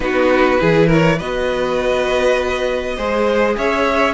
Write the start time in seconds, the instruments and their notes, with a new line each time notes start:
0.00 cello B3, viola D#4, violin F#4 B4
0.58 cello E3, viola E4, violin G#4
0.86 violin A#4 C#5
1.17 cello B3, viola F#4, violin B4 D#5
2.96 cello G#3, viola G#4, violin C5
3.57 cello C#4, violin C#5 E5